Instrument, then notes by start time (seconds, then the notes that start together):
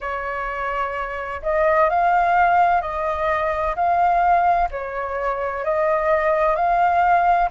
flute
0.00 C#5
1.42 D#5
1.89 F5
2.81 D#5
3.75 F5
4.70 C#5
5.64 D#5
6.55 F5